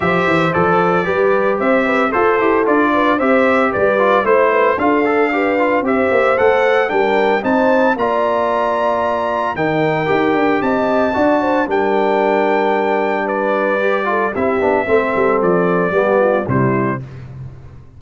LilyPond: <<
  \new Staff \with { instrumentName = "trumpet" } { \time 4/4 \tempo 4 = 113 e''4 d''2 e''4 | c''4 d''4 e''4 d''4 | c''4 f''2 e''4 | fis''4 g''4 a''4 ais''4~ |
ais''2 g''2 | a''2 g''2~ | g''4 d''2 e''4~ | e''4 d''2 c''4 | }
  \new Staff \with { instrumentName = "horn" } { \time 4/4 c''2 b'4 c''8 b'8 | a'4. b'8 c''4 b'4 | c''8 b'8 a'4 b'4 c''4~ | c''4 ais'4 c''4 d''4~ |
d''2 ais'2 | dis''4 d''8 c''8 ais'2~ | ais'4 b'4. a'8 g'4 | a'2 g'8 f'8 e'4 | }
  \new Staff \with { instrumentName = "trombone" } { \time 4/4 g'4 a'4 g'2 | a'8 g'8 f'4 g'4. f'8 | e'4 f'8 a'8 g'8 f'8 g'4 | a'4 d'4 dis'4 f'4~ |
f'2 dis'4 g'4~ | g'4 fis'4 d'2~ | d'2 g'8 f'8 e'8 d'8 | c'2 b4 g4 | }
  \new Staff \with { instrumentName = "tuba" } { \time 4/4 f8 e8 f4 g4 c'4 | f'8 e'8 d'4 c'4 g4 | a4 d'2 c'8 ais8 | a4 g4 c'4 ais4~ |
ais2 dis4 dis'8 d'8 | c'4 d'4 g2~ | g2. c'8 b8 | a8 g8 f4 g4 c4 | }
>>